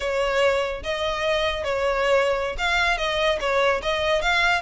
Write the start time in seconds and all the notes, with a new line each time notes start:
0.00 C#5
0.83 D#5
1.64 C#5
2.58 F5
2.97 D#5
3.40 C#5
3.82 D#5
4.21 F5